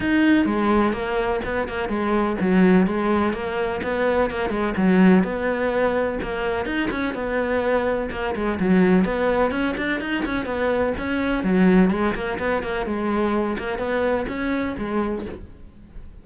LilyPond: \new Staff \with { instrumentName = "cello" } { \time 4/4 \tempo 4 = 126 dis'4 gis4 ais4 b8 ais8 | gis4 fis4 gis4 ais4 | b4 ais8 gis8 fis4 b4~ | b4 ais4 dis'8 cis'8 b4~ |
b4 ais8 gis8 fis4 b4 | cis'8 d'8 dis'8 cis'8 b4 cis'4 | fis4 gis8 ais8 b8 ais8 gis4~ | gis8 ais8 b4 cis'4 gis4 | }